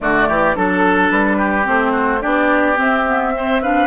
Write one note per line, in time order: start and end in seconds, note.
0.00 0.28 D3
0.00 0.55 A3
0.00 0.27 F#4
0.00 0.55 D5
0.27 0.56 E3
0.27 0.55 G4
0.55 1.11 F#3
0.55 1.64 D4
0.55 1.10 A4
0.55 1.37 A4
1.10 1.66 G3
1.10 1.66 B4
1.37 1.91 G4
1.64 2.23 A3
1.64 2.19 C4
1.64 2.22 C5
1.91 2.19 F#4
2.20 2.78 B3
2.20 2.76 D4
2.20 3.32 G4
2.20 2.77 D5
2.76 3.03 C4
2.76 3.87 C4
2.76 3.63 E5
3.07 3.34 B3
3.34 3.62 C4
3.34 3.61 C5
3.61 3.87 D4
3.61 3.87 B4
3.61 3.87 F5